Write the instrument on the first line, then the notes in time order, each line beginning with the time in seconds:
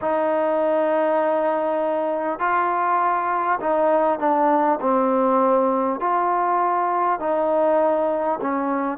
trombone
0.01 D#4
2.39 F4
3.60 D#4
4.19 D4
4.81 C4
6.00 F4
7.19 D#4
8.41 C#4